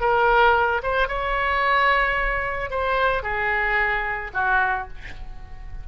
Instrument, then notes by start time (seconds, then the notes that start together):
oboe
0.00 A#4
0.83 C5
1.08 C#5
2.70 C5
3.23 G#4
4.33 F#4